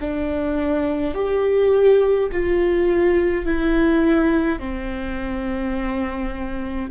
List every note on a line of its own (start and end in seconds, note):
0.00 1.14 D4
1.14 2.29 G4
2.32 3.45 F4
3.45 4.59 E4
4.59 6.90 C4